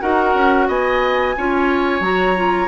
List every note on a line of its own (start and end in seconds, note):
0.00 0.34 D#4
0.00 1.35 F#4
0.00 0.67 A#4
0.00 0.68 F#5
0.34 0.68 C#4
0.67 1.35 B3
0.67 1.35 D#5
0.67 2.03 G#5
1.37 2.00 C#4
1.37 2.01 F4
1.37 2.67 C#5
2.00 2.67 F#3
2.00 2.35 F#4
2.00 2.67 A#5
2.36 2.67 F4